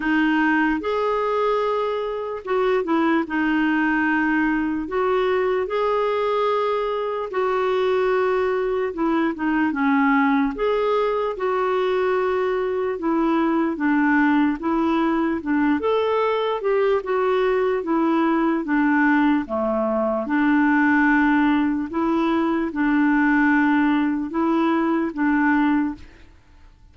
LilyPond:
\new Staff \with { instrumentName = "clarinet" } { \time 4/4 \tempo 4 = 74 dis'4 gis'2 fis'8 e'8 | dis'2 fis'4 gis'4~ | gis'4 fis'2 e'8 dis'8 | cis'4 gis'4 fis'2 |
e'4 d'4 e'4 d'8 a'8~ | a'8 g'8 fis'4 e'4 d'4 | a4 d'2 e'4 | d'2 e'4 d'4 | }